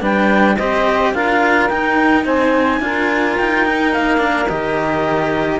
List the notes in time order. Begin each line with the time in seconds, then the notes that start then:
0.00 G3 D4 B4 G5
0.57 C4 G4 C5 D#5
1.13 D4 F4 A#4 F5
1.68 D#4 G5
2.24 C4 C5 G#5
2.79 D4 F4 A#4
3.37 D#4 G5
3.65 D#4
3.93 A#3 F5
4.18 D4
4.48 D#3 G4 D#5